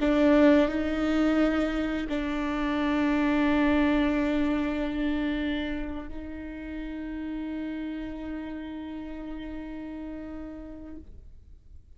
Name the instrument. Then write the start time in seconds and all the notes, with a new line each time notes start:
viola
0.00 D4
0.68 D#4
2.09 D4
6.09 D#4